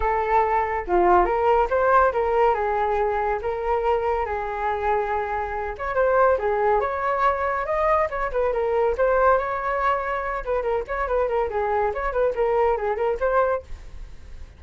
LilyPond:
\new Staff \with { instrumentName = "flute" } { \time 4/4 \tempo 4 = 141 a'2 f'4 ais'4 | c''4 ais'4 gis'2 | ais'2 gis'2~ | gis'4. cis''8 c''4 gis'4 |
cis''2 dis''4 cis''8 b'8 | ais'4 c''4 cis''2~ | cis''8 b'8 ais'8 cis''8 b'8 ais'8 gis'4 | cis''8 b'8 ais'4 gis'8 ais'8 c''4 | }